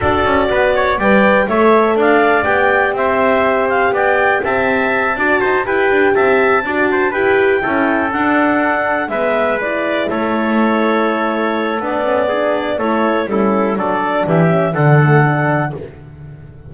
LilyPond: <<
  \new Staff \with { instrumentName = "clarinet" } { \time 4/4 \tempo 4 = 122 d''2 g''4 e''4 | f''4 g''4 e''4. f''8 | g''4 a''2~ a''8 g''8~ | g''8 a''2 g''4.~ |
g''8 fis''2 e''4 d''8~ | d''8 cis''2.~ cis''8 | d''2 cis''4 a'4 | d''4 e''4 fis''2 | }
  \new Staff \with { instrumentName = "trumpet" } { \time 4/4 a'4 b'8 cis''8 d''4 cis''4 | d''2 c''2 | d''4 e''4. d''8 c''8 b'8~ | b'8 e''4 d''8 c''8 b'4 a'8~ |
a'2~ a'8 b'4.~ | b'8 a'2.~ a'8~ | a'4 gis'4 a'4 e'4 | a'4 g'4 a'2 | }
  \new Staff \with { instrumentName = "horn" } { \time 4/4 fis'2 b'4 a'4~ | a'4 g'2.~ | g'2~ g'8 fis'4 g'8~ | g'4. fis'4 g'4 e'8~ |
e'8 d'2 b4 e'8~ | e'1 | d'8 cis'8 d'4 e'4 cis'4 | d'4. cis'8 d'8 a8 d'4 | }
  \new Staff \with { instrumentName = "double bass" } { \time 4/4 d'8 cis'8 b4 g4 a4 | d'4 b4 c'2 | b4 c'4. d'8 dis'8 e'8 | d'8 c'4 d'4 e'4 cis'8~ |
cis'8 d'2 gis4.~ | gis8 a2.~ a8 | b2 a4 g4 | fis4 e4 d2 | }
>>